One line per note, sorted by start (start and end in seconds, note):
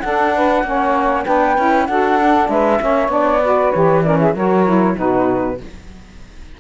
0.00 0.64 D4
0.00 0.63 D4
0.00 0.35 A4
0.00 1.24 F#5
0.35 0.65 B4
0.63 1.25 A#3
0.63 1.25 C#4
0.63 1.24 C#5
1.24 1.58 B3
1.24 1.56 D4
1.24 1.86 B4
1.24 1.86 G5
1.57 1.88 C#4
1.57 1.88 E4
1.86 2.49 D4
1.86 2.19 F#4
1.86 2.49 A4
1.86 2.48 F#5
2.19 2.80 D4
2.49 2.80 G#3
2.49 2.80 B4
2.49 3.11 E5
2.80 3.08 A#3
2.80 3.09 C#4
2.80 3.42 C#5
3.08 3.70 B3
3.08 3.40 D4
3.08 3.71 D5
3.42 3.73 F#4
3.42 4.04 B4
3.71 4.34 E3
3.71 4.04 G4
3.71 4.02 C#5
4.03 4.35 C#4
4.03 4.19 A#4
4.03 4.18 D5
4.19 4.34 G#4
4.19 4.35 E5
4.34 4.96 F#3
4.34 4.65 F#4
4.34 4.96 A#4
4.34 4.98 C#5
4.65 4.96 E4
4.96 5.60 B2
4.96 5.58 D#4
4.96 5.58 F#4
4.96 5.60 B4